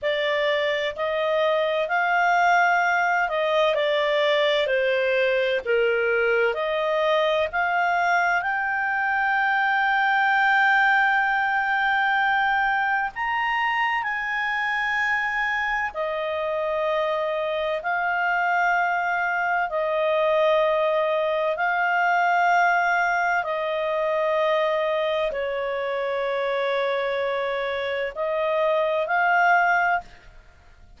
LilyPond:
\new Staff \with { instrumentName = "clarinet" } { \time 4/4 \tempo 4 = 64 d''4 dis''4 f''4. dis''8 | d''4 c''4 ais'4 dis''4 | f''4 g''2.~ | g''2 ais''4 gis''4~ |
gis''4 dis''2 f''4~ | f''4 dis''2 f''4~ | f''4 dis''2 cis''4~ | cis''2 dis''4 f''4 | }